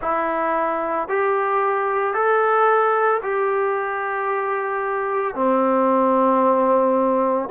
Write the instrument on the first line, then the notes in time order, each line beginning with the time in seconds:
trombone
0.01 E4
1.08 G4
2.14 A4
3.22 G4
5.34 C4